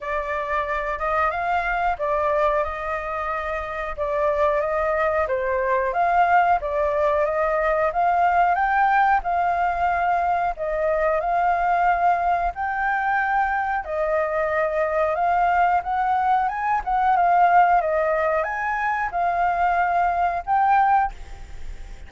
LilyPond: \new Staff \with { instrumentName = "flute" } { \time 4/4 \tempo 4 = 91 d''4. dis''8 f''4 d''4 | dis''2 d''4 dis''4 | c''4 f''4 d''4 dis''4 | f''4 g''4 f''2 |
dis''4 f''2 g''4~ | g''4 dis''2 f''4 | fis''4 gis''8 fis''8 f''4 dis''4 | gis''4 f''2 g''4 | }